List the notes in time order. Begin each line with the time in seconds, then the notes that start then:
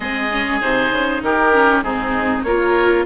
0.00 G#3 C4 G#4 D#5
0.30 C#4
0.61 C3 D#4 C5
0.91 C#3
1.22 D#3 G4 A#4
1.53 C#4
1.81 G#2 C4 D#4 G#4
2.43 A#3 F4 A#4 C#5